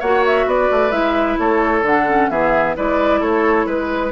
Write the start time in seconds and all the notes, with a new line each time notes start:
0.00 A#3 F#4 C#5 F#5
0.26 E5
0.46 B3 B4 D5
0.71 A3
0.91 G#3 E4 E5
1.39 A3 A4 C#5
1.82 D3 D4 F#5
2.09 C#4
2.30 E3 B3 G#4 E5
2.76 G#3 E4 B4 D5
3.21 A3 A4 C#5
3.66 G#3 B4